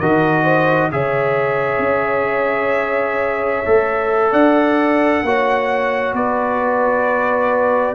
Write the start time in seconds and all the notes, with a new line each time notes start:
0.00 D#3 F#4 A#4 D#5
0.44 C5
0.92 C#3 G#4 C#5 E5
1.79 C#4
3.66 A3 A4
4.31 D4 D5 F#5
5.23 A#3 F#4 C#5
6.14 B3 B4 D5